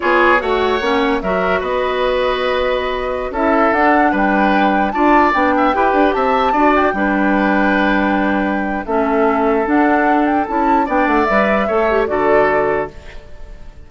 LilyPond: <<
  \new Staff \with { instrumentName = "flute" } { \time 4/4 \tempo 4 = 149 cis''4 fis''2 e''4 | dis''1~ | dis''16 e''4 fis''4 g''4.~ g''16~ | g''16 a''4 g''2 a''8.~ |
a''8. g''2.~ g''16~ | g''2 e''2 | fis''4. g''8 a''4 g''8 fis''8 | e''2 d''2 | }
  \new Staff \with { instrumentName = "oboe" } { \time 4/4 gis'4 cis''2 ais'4 | b'1~ | b'16 a'2 b'4.~ b'16~ | b'16 d''4. e''8 b'4 e''8.~ |
e''16 d''4 b'2~ b'8.~ | b'2 a'2~ | a'2. d''4~ | d''4 cis''4 a'2 | }
  \new Staff \with { instrumentName = "clarinet" } { \time 4/4 f'4 fis'4 cis'4 fis'4~ | fis'1~ | fis'16 e'4 d'2~ d'8.~ | d'16 f'4 d'4 g'4.~ g'16~ |
g'16 fis'4 d'2~ d'8.~ | d'2 cis'2 | d'2 e'4 d'4 | b'4 a'8 g'8 fis'2 | }
  \new Staff \with { instrumentName = "bassoon" } { \time 4/4 b4 a4 ais4 fis4 | b1~ | b16 cis'4 d'4 g4.~ g16~ | g16 d'4 b4 e'8 d'8 c'8.~ |
c'16 d'4 g2~ g8.~ | g2 a2 | d'2 cis'4 b8 a8 | g4 a4 d2 | }
>>